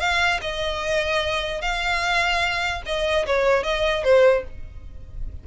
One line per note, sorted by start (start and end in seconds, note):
0.00 0.40 F5
0.42 1.61 D#5
1.61 2.82 F5
2.86 3.26 D#5
3.26 3.64 C#5
3.64 4.04 D#5
4.04 4.44 C5